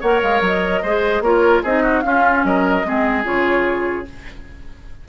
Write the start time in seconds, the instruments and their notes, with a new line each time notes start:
0.00 bassoon A#3, clarinet A#4, oboe C#5, flute F#5
0.22 bassoon G#3, flute F5
0.40 bassoon F#3, flute D#5
0.82 bassoon G#3, clarinet G#4, oboe C5
1.20 bassoon A#3, clarinet F4, oboe A#4, flute C#5
1.63 bassoon C4, clarinet D#4, oboe G#4, flute D#5
1.82 oboe F#4
2.00 clarinet C#4, bassoon C#4, oboe F4, flute F5
2.44 bassoon F#3, oboe A#4, flute D#5
2.84 bassoon G#3, clarinet C4, oboe G#4
3.24 bassoon C#3, clarinet F4, flute C#5